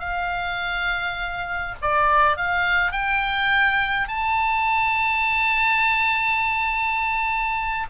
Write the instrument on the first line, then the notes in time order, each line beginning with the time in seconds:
oboe
0.00 F5
1.82 D5
2.37 F5
2.92 G5
4.08 A5